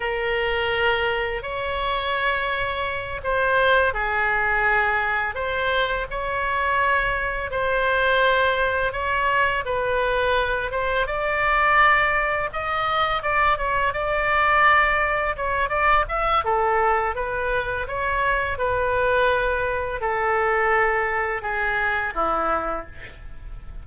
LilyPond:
\new Staff \with { instrumentName = "oboe" } { \time 4/4 \tempo 4 = 84 ais'2 cis''2~ | cis''8 c''4 gis'2 c''8~ | c''8 cis''2 c''4.~ | c''8 cis''4 b'4. c''8 d''8~ |
d''4. dis''4 d''8 cis''8 d''8~ | d''4. cis''8 d''8 e''8 a'4 | b'4 cis''4 b'2 | a'2 gis'4 e'4 | }